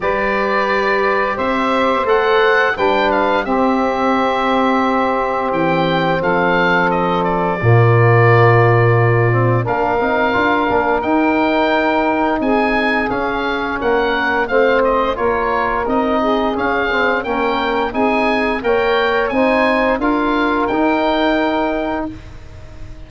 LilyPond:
<<
  \new Staff \with { instrumentName = "oboe" } { \time 4/4 \tempo 4 = 87 d''2 e''4 fis''4 | g''8 f''8 e''2. | g''4 f''4 dis''8 d''4.~ | d''2 f''2 |
g''2 gis''4 f''4 | fis''4 f''8 dis''8 cis''4 dis''4 | f''4 g''4 gis''4 g''4 | gis''4 f''4 g''2 | }
  \new Staff \with { instrumentName = "saxophone" } { \time 4/4 b'2 c''2 | b'4 g'2.~ | g'4 a'2 f'4~ | f'2 ais'2~ |
ais'2 gis'2 | ais'4 c''4 ais'4. gis'8~ | gis'4 ais'4 gis'4 cis''4 | c''4 ais'2. | }
  \new Staff \with { instrumentName = "trombone" } { \time 4/4 g'2. a'4 | d'4 c'2.~ | c'2. ais4~ | ais4. c'8 d'8 dis'8 f'8 d'8 |
dis'2. cis'4~ | cis'4 c'4 f'4 dis'4 | cis'8 c'8 cis'4 dis'4 ais'4 | dis'4 f'4 dis'2 | }
  \new Staff \with { instrumentName = "tuba" } { \time 4/4 g2 c'4 a4 | g4 c'2. | e4 f2 ais,4~ | ais,2 ais8 c'8 d'8 ais8 |
dis'2 c'4 cis'4 | ais4 a4 ais4 c'4 | cis'4 ais4 c'4 ais4 | c'4 d'4 dis'2 | }
>>